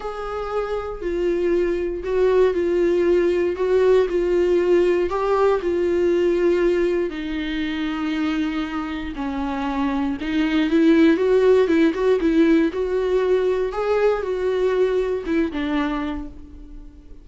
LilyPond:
\new Staff \with { instrumentName = "viola" } { \time 4/4 \tempo 4 = 118 gis'2 f'2 | fis'4 f'2 fis'4 | f'2 g'4 f'4~ | f'2 dis'2~ |
dis'2 cis'2 | dis'4 e'4 fis'4 e'8 fis'8 | e'4 fis'2 gis'4 | fis'2 e'8 d'4. | }